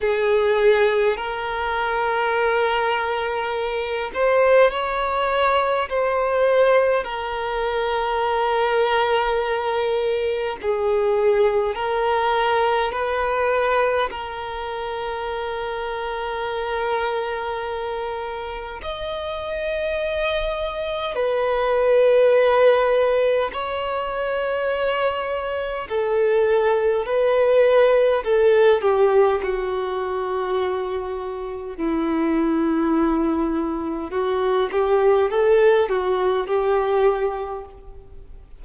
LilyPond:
\new Staff \with { instrumentName = "violin" } { \time 4/4 \tempo 4 = 51 gis'4 ais'2~ ais'8 c''8 | cis''4 c''4 ais'2~ | ais'4 gis'4 ais'4 b'4 | ais'1 |
dis''2 b'2 | cis''2 a'4 b'4 | a'8 g'8 fis'2 e'4~ | e'4 fis'8 g'8 a'8 fis'8 g'4 | }